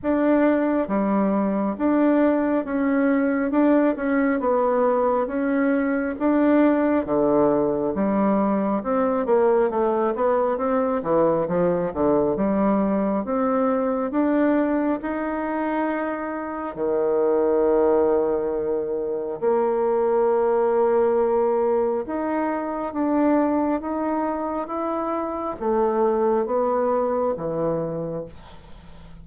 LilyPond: \new Staff \with { instrumentName = "bassoon" } { \time 4/4 \tempo 4 = 68 d'4 g4 d'4 cis'4 | d'8 cis'8 b4 cis'4 d'4 | d4 g4 c'8 ais8 a8 b8 | c'8 e8 f8 d8 g4 c'4 |
d'4 dis'2 dis4~ | dis2 ais2~ | ais4 dis'4 d'4 dis'4 | e'4 a4 b4 e4 | }